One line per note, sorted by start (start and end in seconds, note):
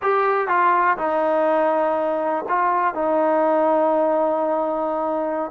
0.01 0.47 G4
0.47 0.97 F4
0.97 2.45 D#4
2.48 2.94 F4
2.94 5.51 D#4